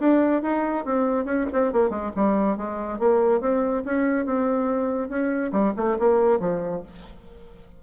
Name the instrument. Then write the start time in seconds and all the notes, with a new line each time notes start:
bassoon
0.00 D4
0.43 D#4
0.86 C4
1.26 C#4
1.53 C4
1.73 A#3
1.90 G#3
2.16 G3
2.58 G#3
2.99 A#3
3.41 C4
3.85 C#4
4.26 C4
5.09 C#4
5.53 G3
5.77 A3
6.00 A#3
6.40 F3